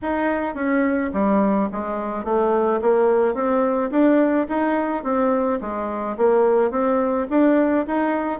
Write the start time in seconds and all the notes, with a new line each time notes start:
0.02 D#4
0.54 C#4
1.13 G3
1.72 G#3
2.24 A3
2.81 A#3
3.34 C4
3.90 D4
4.49 D#4
5.03 C4
5.60 G#3
6.17 A#3
6.70 C4
7.30 D4
7.87 D#4